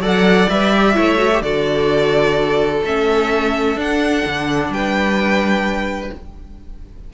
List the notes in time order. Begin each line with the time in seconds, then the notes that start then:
0.00 F#3 A4 D5 F#5
0.49 G3 B4 E5
0.75 G4
0.94 A3 E4 C#5
1.18 F#4
1.33 G4
1.41 D3 F#4 A4 D5
2.83 A3 C#4 E5
3.75 D4 F#5
4.26 D3
4.69 G3 B4 G5